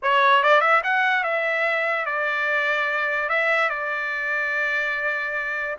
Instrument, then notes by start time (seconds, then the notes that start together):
trumpet
0.02 C#5
0.43 D5
0.61 E5
0.83 F#5
1.23 E5
2.05 D5
3.29 E5
3.69 D5